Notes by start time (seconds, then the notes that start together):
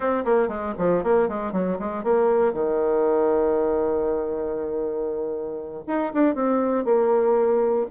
0.00 C4
0.24 A#3
0.48 G#3
0.78 F3
1.03 A#3
1.28 G#3
1.52 F#3
1.79 G#3
2.03 A#3
2.53 D#3
5.87 D#4
6.13 D4
6.34 C4
6.84 A#3